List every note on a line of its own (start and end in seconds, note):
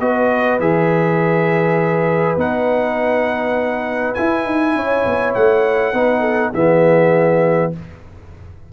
0.00 0.60 B3
0.00 0.61 F#4
0.00 4.77 B4
0.00 0.59 D#5
0.60 2.37 E3
0.60 2.38 G#4
0.60 2.39 E5
2.37 4.15 B3
2.37 4.16 D#4
2.37 4.15 F#5
4.15 5.94 E4
4.15 4.46 E4
4.15 5.34 G#5
4.46 4.75 D#4
4.75 5.05 C#4
4.75 5.95 C#5
5.06 5.36 B3
5.35 5.93 A3
5.35 6.53 F#5
5.93 6.53 B3
5.93 6.54 D#4
5.93 6.21 B4
6.21 6.51 A4
6.53 7.73 E3
6.53 7.73 B3
6.53 7.72 G#4
6.53 7.73 E5